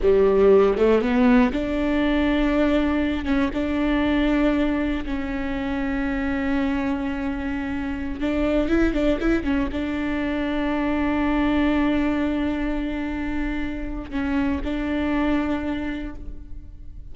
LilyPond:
\new Staff \with { instrumentName = "viola" } { \time 4/4 \tempo 4 = 119 g4. a8 b4 d'4~ | d'2~ d'8 cis'8 d'4~ | d'2 cis'2~ | cis'1~ |
cis'16 d'4 e'8 d'8 e'8 cis'8 d'8.~ | d'1~ | d'1 | cis'4 d'2. | }